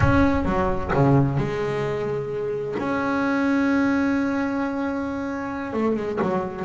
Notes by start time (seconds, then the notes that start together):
0.00 C#4
0.45 F#3
0.93 C#3
1.37 G#3
2.78 C#4
5.73 A3
5.96 G#3
6.22 F#3